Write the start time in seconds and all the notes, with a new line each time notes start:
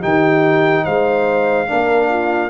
0.00 D#3 D#4 G4 G5
0.84 G#3 C5 F5
1.66 A#3 D4 A#4
2.09 F4